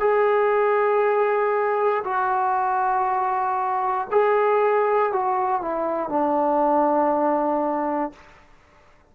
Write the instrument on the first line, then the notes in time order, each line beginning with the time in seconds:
trombone
0.00 G#4
2.04 F#4
4.11 G#4
5.13 F#4
5.62 E4
6.09 D4